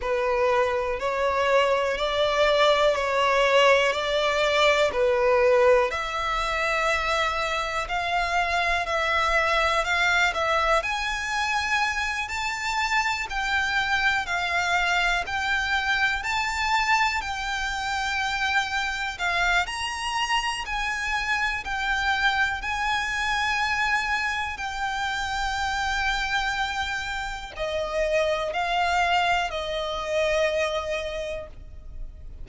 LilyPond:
\new Staff \with { instrumentName = "violin" } { \time 4/4 \tempo 4 = 61 b'4 cis''4 d''4 cis''4 | d''4 b'4 e''2 | f''4 e''4 f''8 e''8 gis''4~ | gis''8 a''4 g''4 f''4 g''8~ |
g''8 a''4 g''2 f''8 | ais''4 gis''4 g''4 gis''4~ | gis''4 g''2. | dis''4 f''4 dis''2 | }